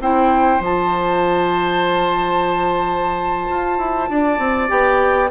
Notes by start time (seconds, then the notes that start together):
0.00 C4 E4 C5 G5
0.60 F3 F4 A5
3.50 F4
3.79 E4
4.09 D4 D5
4.39 C4
4.69 B3 G4 G5